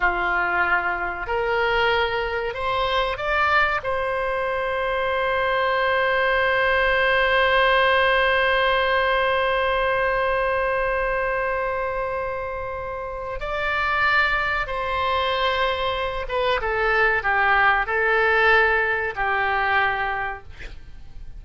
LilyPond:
\new Staff \with { instrumentName = "oboe" } { \time 4/4 \tempo 4 = 94 f'2 ais'2 | c''4 d''4 c''2~ | c''1~ | c''1~ |
c''1~ | c''4 d''2 c''4~ | c''4. b'8 a'4 g'4 | a'2 g'2 | }